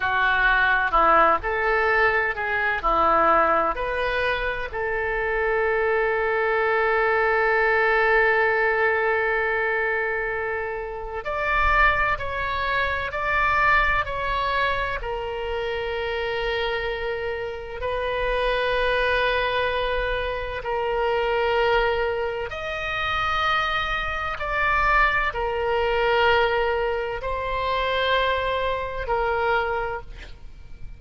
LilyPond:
\new Staff \with { instrumentName = "oboe" } { \time 4/4 \tempo 4 = 64 fis'4 e'8 a'4 gis'8 e'4 | b'4 a'2.~ | a'1 | d''4 cis''4 d''4 cis''4 |
ais'2. b'4~ | b'2 ais'2 | dis''2 d''4 ais'4~ | ais'4 c''2 ais'4 | }